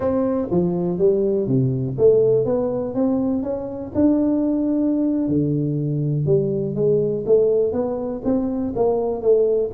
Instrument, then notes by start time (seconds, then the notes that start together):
tuba
0.00 C4
0.51 F3
0.98 G3
1.47 C3
1.98 A3
2.45 B3
2.94 C4
3.42 C#4
3.94 D4
5.28 D3
6.25 G3
6.75 G#3
7.26 A3
7.72 B3
8.24 C4
8.75 A#3
9.21 A3